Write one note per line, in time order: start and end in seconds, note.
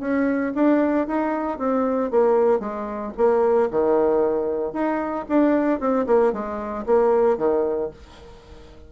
0.00 0.53 C#4
0.55 1.07 D4
1.07 1.58 D#4
1.58 2.11 C4
2.11 2.60 A#3
2.60 3.12 G#3
3.17 3.70 A#3
3.71 4.73 D#3
4.73 5.25 D#4
5.29 5.80 D4
5.80 6.06 C4
6.06 6.33 A#3
6.33 6.85 G#3
6.86 7.38 A#3
7.38 7.90 D#3